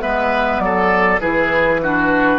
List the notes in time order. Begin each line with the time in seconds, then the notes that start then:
0.00 G#3 B3 B4 E5
0.59 F#3 A4 D5
1.21 E3 E4 G#4 B4
1.83 D4 F#4